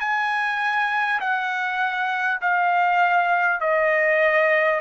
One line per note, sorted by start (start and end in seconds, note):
0.00 1.20 G#5
1.21 2.41 F#5
2.41 3.61 F5
3.61 4.81 D#5